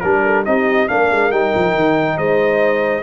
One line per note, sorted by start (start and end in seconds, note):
0.00 0.46 G3
0.00 0.45 D4
0.00 0.43 A#4
0.00 0.24 A#4
0.24 0.46 A4
0.45 0.89 C4
0.45 0.88 D#4
0.45 0.90 G4
0.45 0.88 D#5
0.88 1.11 A#3
0.88 1.31 D4
0.88 2.16 A#4
0.88 1.31 F5
1.11 1.31 G#3
1.31 1.53 G3
1.31 3.02 D#4
1.31 2.18 G5
1.55 1.74 F3
1.74 2.18 D#3
2.16 3.02 G#3
2.16 3.02 C5
2.16 3.02 D#5